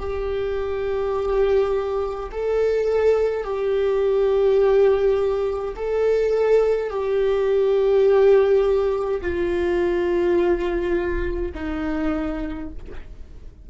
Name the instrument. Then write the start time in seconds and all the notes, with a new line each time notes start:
viola
0.00 G4
2.32 A4
3.45 G4
5.76 A4
6.91 G4
9.22 F4
11.55 D#4